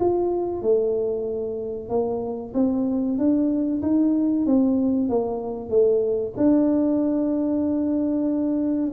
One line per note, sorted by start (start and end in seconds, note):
0.00 0.62 F4
0.62 1.89 A3
1.89 2.53 A#3
2.54 3.18 C4
3.18 3.82 D4
3.82 4.46 D#4
4.46 5.09 C4
5.09 5.70 A#3
5.70 6.33 A3
6.37 8.92 D4